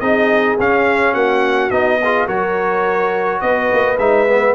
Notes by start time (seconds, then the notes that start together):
0.00 C4 D#4 G#4 D#5
0.59 C#4 F5
1.13 A#3 F#4 F#5
1.71 B3 D#4 D#5
2.04 F4 G#4
2.27 F#3 F#4 A#4 C#5
3.41 B3 B4 D#5
3.73 A#3
3.98 G#3 D#4 E5
4.29 B3